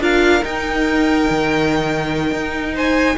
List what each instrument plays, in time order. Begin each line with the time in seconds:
0.00 cello D4, viola F4, violin A#4 F5
0.43 viola D#4, cello D#4, violin G5
1.30 cello D#3
2.33 cello D#4
2.74 violin C5 G#5